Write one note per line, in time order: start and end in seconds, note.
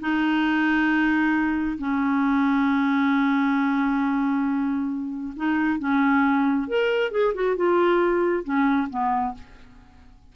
0.00 1.78 D#4
1.78 5.34 C#4
5.36 5.79 D#4
5.79 6.68 C#4
6.68 7.11 A#4
7.11 7.34 G#4
7.34 7.56 F#4
7.56 8.44 F4
8.44 8.88 C#4
8.90 9.34 B3